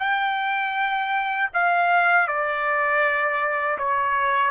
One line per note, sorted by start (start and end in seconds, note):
0.00 1.50 G5
1.54 2.28 F5
2.28 3.78 D5
3.78 4.51 C#5